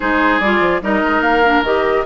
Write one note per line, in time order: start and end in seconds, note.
0.00 0.40 G#3
0.00 0.40 D#4
0.00 0.81 G#4
0.00 0.39 C5
0.39 0.60 G3
0.39 0.82 F4
0.39 0.80 D5
0.60 0.80 F3
0.81 1.02 G3
0.81 1.43 D#4
0.81 2.06 A#4
0.81 1.21 D#5
1.03 1.20 G#3
1.20 1.61 A#3
1.20 1.63 F5
1.44 1.64 D4
1.61 2.02 D#3
1.61 2.06 G4
1.61 2.06 D#5